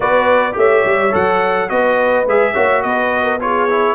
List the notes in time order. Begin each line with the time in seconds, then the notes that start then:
0.00 B3 F#4 B4 D5
0.52 A3 G4 C#5
0.58 E5
0.84 G3
1.11 F#3 A4 F#5
1.68 B3 F#4 B4 D#5
2.25 G#3 G#4 E5
2.53 A#3 F#4 C#5
2.82 B3 B4 D#5
3.24 A#4
3.40 F4 G#4 C#5
3.69 E4